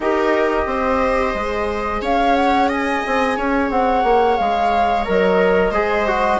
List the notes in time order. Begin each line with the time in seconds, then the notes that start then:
0.00 D#4 G4 A#4 D#5
0.66 C4 C5
1.34 G#3 G#4
2.01 C#4 C#5 F5
2.35 F#5
2.69 D#5 G#5
3.06 C4
3.36 C#4 C#5
3.70 C4 F#5
4.03 A#3
4.37 G#3 F5
5.04 F#3 A#4 D#5
5.71 G#3 G#4 C5
6.07 F#4